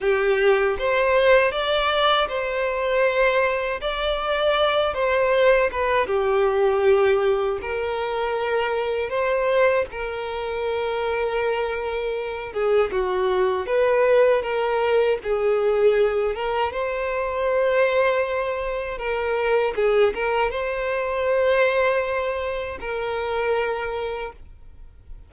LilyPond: \new Staff \with { instrumentName = "violin" } { \time 4/4 \tempo 4 = 79 g'4 c''4 d''4 c''4~ | c''4 d''4. c''4 b'8 | g'2 ais'2 | c''4 ais'2.~ |
ais'8 gis'8 fis'4 b'4 ais'4 | gis'4. ais'8 c''2~ | c''4 ais'4 gis'8 ais'8 c''4~ | c''2 ais'2 | }